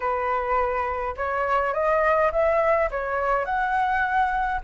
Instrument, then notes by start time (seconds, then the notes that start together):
flute
0.00 B4
1.16 C#5
1.73 D#5
2.32 E5
2.91 C#5
3.45 F#5